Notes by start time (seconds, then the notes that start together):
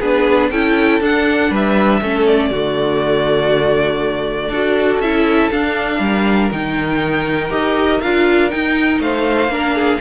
0.00 B3 D4 G#4 B4
0.51 C#4 E4 A4 G5
1.00 D4 F#5
1.51 G3 B4 E5
2.02 A3 C#4 A4
2.27 D5
2.51 D3 A3 F#4
4.49 D4 F#4 A4
5.00 C#4 E4 E5
5.52 D4 F5
6.00 G3 A#4
6.52 D#3 D#4 G5
7.50 D#4 G4 D#5
8.01 D4 F4 F5
8.50 D#4 G5
9.00 A3 C5 F5
9.48 A#3 D4 A#4
9.75 G#4